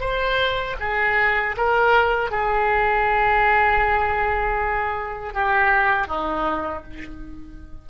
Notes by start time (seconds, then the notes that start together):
0.00 C5
0.80 G#4
1.57 A#4
2.31 G#4
5.34 G4
6.07 D#4